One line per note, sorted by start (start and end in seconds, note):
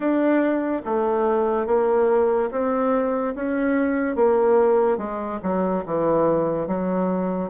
0.00 0.81 D4
0.85 1.66 A3
1.66 2.50 A#3
2.51 3.34 C4
3.35 4.15 C#4
4.15 4.97 A#3
4.97 5.39 G#3
5.42 5.84 F#3
5.85 6.67 E3
6.67 7.50 F#3